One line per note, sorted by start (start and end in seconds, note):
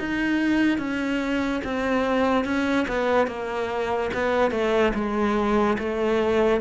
0.00 0.79 D#4
0.79 1.62 C#4
1.65 2.45 C4
2.45 2.87 C#4
2.88 3.28 B3
3.28 4.11 A#3
4.14 4.52 B3
4.52 4.93 A3
4.95 5.78 G#3
5.79 6.61 A3